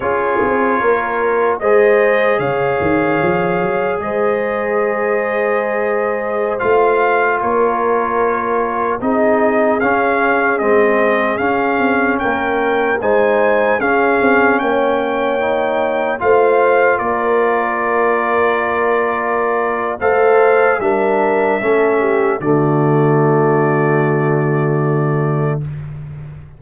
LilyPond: <<
  \new Staff \with { instrumentName = "trumpet" } { \time 4/4 \tempo 4 = 75 cis''2 dis''4 f''4~ | f''4 dis''2.~ | dis''16 f''4 cis''2 dis''8.~ | dis''16 f''4 dis''4 f''4 g''8.~ |
g''16 gis''4 f''4 g''4.~ g''16~ | g''16 f''4 d''2~ d''8.~ | d''4 f''4 e''2 | d''1 | }
  \new Staff \with { instrumentName = "horn" } { \time 4/4 gis'4 ais'4 c''4 cis''4~ | cis''4 c''2.~ | c''4~ c''16 ais'2 gis'8.~ | gis'2.~ gis'16 ais'8.~ |
ais'16 c''4 gis'4 cis''4.~ cis''16~ | cis''16 c''4 ais'2~ ais'8.~ | ais'4 c''4 ais'4 a'8 g'8 | fis'1 | }
  \new Staff \with { instrumentName = "trombone" } { \time 4/4 f'2 gis'2~ | gis'1~ | gis'16 f'2. dis'8.~ | dis'16 cis'4 c'4 cis'4.~ cis'16~ |
cis'16 dis'4 cis'2 dis'8.~ | dis'16 f'2.~ f'8.~ | f'4 a'4 d'4 cis'4 | a1 | }
  \new Staff \with { instrumentName = "tuba" } { \time 4/4 cis'8 c'8 ais4 gis4 cis8 dis8 | f8 fis8 gis2.~ | gis16 a4 ais2 c'8.~ | c'16 cis'4 gis4 cis'8 c'8 ais8.~ |
ais16 gis4 cis'8 c'8 ais4.~ ais16~ | ais16 a4 ais2~ ais8.~ | ais4 a4 g4 a4 | d1 | }
>>